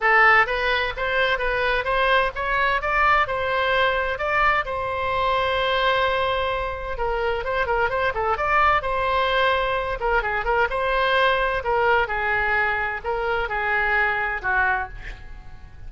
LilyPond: \new Staff \with { instrumentName = "oboe" } { \time 4/4 \tempo 4 = 129 a'4 b'4 c''4 b'4 | c''4 cis''4 d''4 c''4~ | c''4 d''4 c''2~ | c''2. ais'4 |
c''8 ais'8 c''8 a'8 d''4 c''4~ | c''4. ais'8 gis'8 ais'8 c''4~ | c''4 ais'4 gis'2 | ais'4 gis'2 fis'4 | }